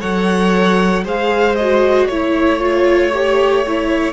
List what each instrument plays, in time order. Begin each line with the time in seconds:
0.00 cello F#3, viola A4, violin C#5 F#5
1.04 cello G#3, viola G#4, violin C5 F5
1.55 viola F#4, violin D#5
2.07 cello A3, viola E4, violin C#5
2.59 viola F4
3.13 viola G4
3.67 viola E4